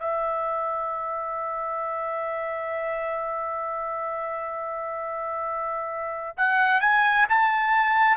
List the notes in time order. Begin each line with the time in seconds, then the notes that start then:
0.00 E5
6.38 F#5
6.81 G#5
7.30 A5